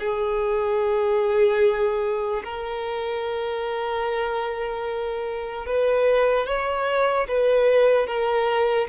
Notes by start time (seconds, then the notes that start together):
0.00 G#4
2.44 A#4
5.66 B4
6.46 C#5
7.28 B4
8.07 A#4